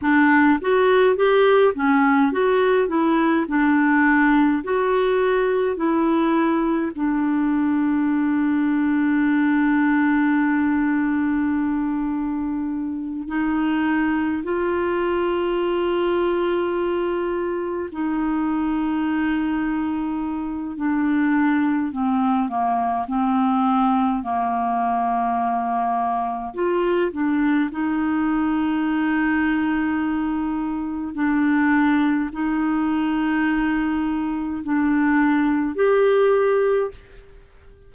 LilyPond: \new Staff \with { instrumentName = "clarinet" } { \time 4/4 \tempo 4 = 52 d'8 fis'8 g'8 cis'8 fis'8 e'8 d'4 | fis'4 e'4 d'2~ | d'2.~ d'8 dis'8~ | dis'8 f'2. dis'8~ |
dis'2 d'4 c'8 ais8 | c'4 ais2 f'8 d'8 | dis'2. d'4 | dis'2 d'4 g'4 | }